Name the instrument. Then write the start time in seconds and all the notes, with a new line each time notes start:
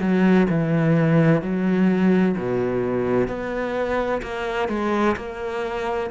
cello
0.00 F#3
0.49 E3
1.41 F#3
2.37 B2
3.28 B3
4.22 A#3
4.69 G#3
5.16 A#3